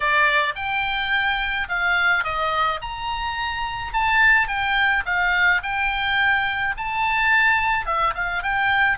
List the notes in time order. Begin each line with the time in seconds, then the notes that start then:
0.00 D5
0.55 G5
1.68 F5
2.24 D#5
2.81 A#5
3.93 A5
4.47 G5
5.05 F5
5.62 G5
6.77 A5
7.86 E5
8.14 F5
8.43 G5